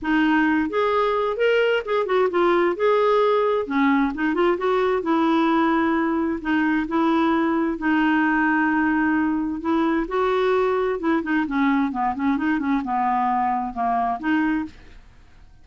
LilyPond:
\new Staff \with { instrumentName = "clarinet" } { \time 4/4 \tempo 4 = 131 dis'4. gis'4. ais'4 | gis'8 fis'8 f'4 gis'2 | cis'4 dis'8 f'8 fis'4 e'4~ | e'2 dis'4 e'4~ |
e'4 dis'2.~ | dis'4 e'4 fis'2 | e'8 dis'8 cis'4 b8 cis'8 dis'8 cis'8 | b2 ais4 dis'4 | }